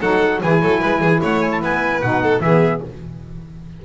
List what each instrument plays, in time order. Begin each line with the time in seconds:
0.00 double bass F#3, saxophone D#4, violin A4, trumpet F#5
0.40 double bass E3, saxophone E4, violin G#4, trumpet G#5
0.61 double bass F#3, violin A4
0.80 double bass G#3, violin B4
1.00 double bass E3, violin G#4
1.21 double bass A3, violin C#5, trumpet F#5
1.40 trumpet G#5
1.51 trumpet A5
1.61 double bass B3, violin B4, trumpet G#5
2.01 double bass B2, saxophone D#4, trumpet F#5
2.22 violin A4
2.40 double bass E3, saxophone B3, violin G#4, trumpet E5